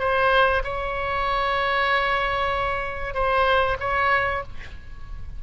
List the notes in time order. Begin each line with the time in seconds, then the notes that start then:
0.00 C5
0.64 C#5
3.15 C5
3.80 C#5